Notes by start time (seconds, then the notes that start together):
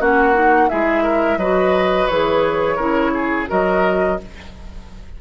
0.00 A#3 C#4 F#4 F#5
0.34 D#4
0.69 G#3 E4 G#4 E5
1.03 A#4
1.37 F#3 F#4 B4 D#5
2.07 E3 G#4 C#5
2.76 C#3 E4 A#4
3.14 G#4
3.47 F#3 F#4 A#4 D#5